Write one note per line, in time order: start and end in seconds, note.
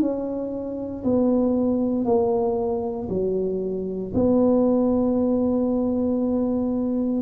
0.00 1.03 C#4
1.04 2.05 B3
2.05 3.08 A#3
3.09 4.12 F#3
4.14 7.22 B3